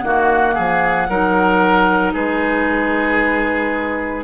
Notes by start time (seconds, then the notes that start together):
0.00 D#3 A#3 F#4 F#5
0.54 F3 G#4
1.09 F#3 D#4 A#4
2.13 G#3 G#4 B4